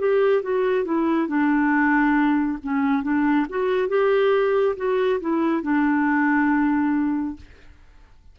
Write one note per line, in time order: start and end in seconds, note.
0.00 0.43 G4
0.43 0.85 F#4
0.85 1.28 E4
1.28 2.58 D4
2.64 3.04 C#4
3.04 3.47 D4
3.50 3.89 F#4
3.89 4.76 G4
4.77 5.20 F#4
5.21 5.63 E4
5.63 7.37 D4